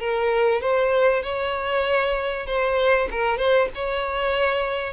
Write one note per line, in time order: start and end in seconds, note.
0.00 0.61 A#4
0.61 1.23 C5
1.23 2.46 C#5
2.46 3.08 C5
3.11 3.37 A#4
3.37 3.68 C5
3.75 4.93 C#5